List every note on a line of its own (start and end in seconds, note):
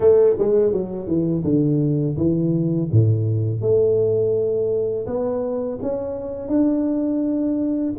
0.00 0.36 A3
0.38 0.72 G#3
0.72 1.07 F#3
1.07 1.43 E3
1.44 2.16 D3
2.17 2.89 E3
2.91 3.61 A2
3.61 5.05 A3
5.06 5.78 B3
5.82 6.48 C#4
6.48 7.93 D4